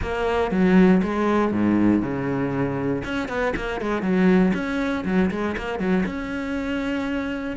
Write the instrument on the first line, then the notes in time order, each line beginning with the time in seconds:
cello
0.02 A#3
0.51 F#3
1.02 G#3
1.51 G#2
2.02 C#3
3.04 C#4
3.28 B3
3.56 A#3
3.80 G#3
4.02 F#3
4.54 C#4
5.05 F#3
5.31 G#3
5.57 A#3
5.79 F#3
6.05 C#4